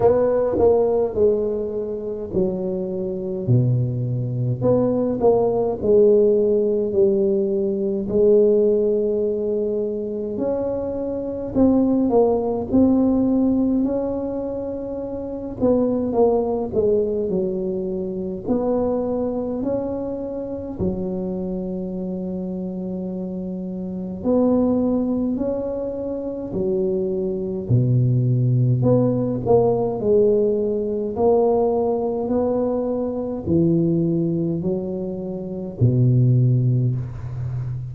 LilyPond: \new Staff \with { instrumentName = "tuba" } { \time 4/4 \tempo 4 = 52 b8 ais8 gis4 fis4 b,4 | b8 ais8 gis4 g4 gis4~ | gis4 cis'4 c'8 ais8 c'4 | cis'4. b8 ais8 gis8 fis4 |
b4 cis'4 fis2~ | fis4 b4 cis'4 fis4 | b,4 b8 ais8 gis4 ais4 | b4 e4 fis4 b,4 | }